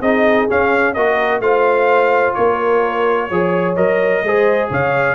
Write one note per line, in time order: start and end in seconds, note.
0.00 0.48 C4
0.00 0.49 D#4
0.00 0.94 G#4
0.00 0.48 D#5
0.49 0.96 C#4
0.49 0.94 F5
0.94 1.40 A#3
0.94 1.42 F#4
0.94 1.42 A#4
0.94 1.41 D#5
1.40 2.34 A3
1.40 3.30 F4
1.40 2.36 C5
1.40 2.34 F5
2.34 3.31 A#3
2.34 3.28 A#4
2.34 3.75 C#5
3.28 3.77 F3
3.28 3.77 G#4
3.28 4.22 C#5
3.76 4.23 F#3
3.76 4.24 A#4
3.76 4.70 D#5
4.23 4.70 G#3
4.23 5.15 G#4
4.23 4.69 C5
4.69 5.15 C#3
4.69 5.15 C#5
4.69 5.15 F5